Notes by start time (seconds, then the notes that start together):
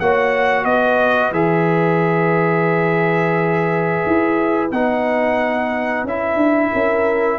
0.00 A#3 F#4 C#5 F#5
0.64 B3 B4 D#5
1.32 E3 G#4 E5
4.06 E4
4.71 B3 D#4 F#5
6.04 C#4 E4 E5
6.36 D4
6.73 C#4 A#4